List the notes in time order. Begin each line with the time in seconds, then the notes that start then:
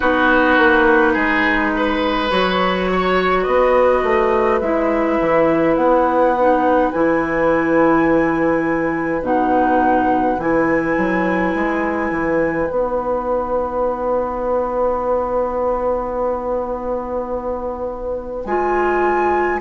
0.00 B3 D#4 F#4 B4
0.57 A#3
1.13 G#3 G#4
1.76 B4
2.30 F#3 F#4 C#5
2.91 C#5
3.43 B3 B4 D#5
4.03 A3
4.60 G#3 E4 E5
5.20 E3
5.75 B3 F#5
6.39 D#4
6.91 E3 E4 G#5
9.21 B2 D#4 F#5
10.37 E3 E4 G#5
10.97 F#3
11.54 G#3
12.10 E3
12.68 B3 D#4 F#5
18.44 G#3 F4 G#5